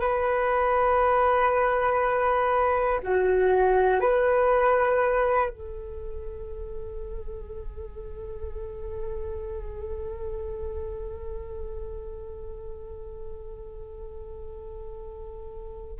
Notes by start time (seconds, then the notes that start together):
0.00 B4
3.03 F#4
4.00 B4
5.50 A4